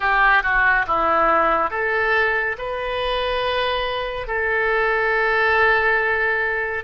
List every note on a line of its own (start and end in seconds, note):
0.00 0.42 G4
0.42 0.85 F#4
0.87 1.70 E4
1.70 2.56 A4
2.58 4.27 B4
4.27 6.84 A4